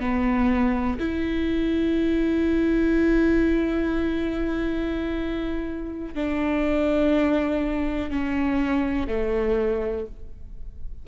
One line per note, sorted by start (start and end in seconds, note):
0.00 0.98 B3
0.99 6.15 E4
6.15 8.10 D4
8.10 9.08 C#4
9.08 10.06 A3